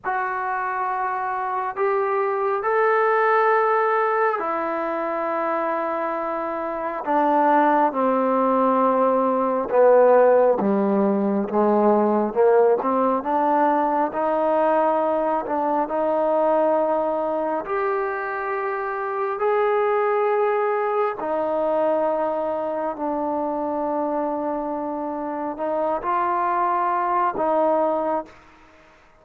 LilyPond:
\new Staff \with { instrumentName = "trombone" } { \time 4/4 \tempo 4 = 68 fis'2 g'4 a'4~ | a'4 e'2. | d'4 c'2 b4 | g4 gis4 ais8 c'8 d'4 |
dis'4. d'8 dis'2 | g'2 gis'2 | dis'2 d'2~ | d'4 dis'8 f'4. dis'4 | }